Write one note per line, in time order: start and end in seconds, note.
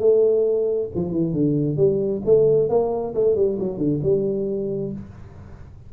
0.00 0.90 A3
0.95 1.12 F3
1.12 1.33 E3
1.33 1.77 D3
1.77 2.22 G3
2.25 2.70 A3
2.70 3.14 A#3
3.15 3.36 A3
3.36 3.58 G3
3.59 3.78 F#3
3.78 4.01 D3
4.03 4.93 G3